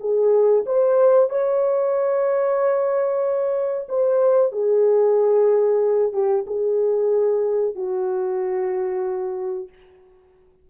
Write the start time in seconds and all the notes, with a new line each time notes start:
0.00 G#4
0.66 C5
1.30 C#5
3.89 C5
4.52 G#4
6.13 G4
6.47 G#4
7.75 F#4